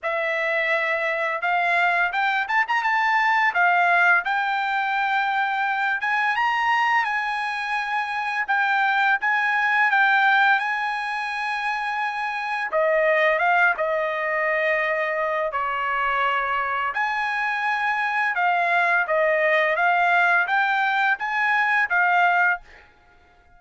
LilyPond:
\new Staff \with { instrumentName = "trumpet" } { \time 4/4 \tempo 4 = 85 e''2 f''4 g''8 a''16 ais''16 | a''4 f''4 g''2~ | g''8 gis''8 ais''4 gis''2 | g''4 gis''4 g''4 gis''4~ |
gis''2 dis''4 f''8 dis''8~ | dis''2 cis''2 | gis''2 f''4 dis''4 | f''4 g''4 gis''4 f''4 | }